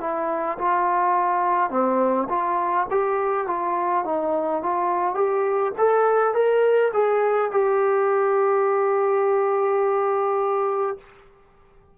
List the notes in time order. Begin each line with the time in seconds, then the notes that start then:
0.00 E4
0.58 F4
1.70 C4
2.29 F4
2.91 G4
3.47 F4
4.05 D#4
4.63 F4
5.15 G4
5.78 A4
6.34 A#4
6.93 G#4
7.52 G4